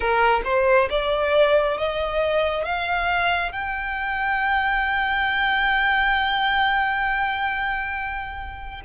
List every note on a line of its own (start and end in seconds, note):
0.00 0.41 A#4
0.44 0.88 C5
0.89 1.77 D5
1.77 2.65 D#5
2.65 3.51 F5
3.51 8.81 G5